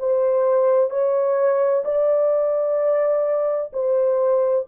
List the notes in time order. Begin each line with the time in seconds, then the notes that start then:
0.00 C5
0.91 C#5
1.85 D5
3.73 C5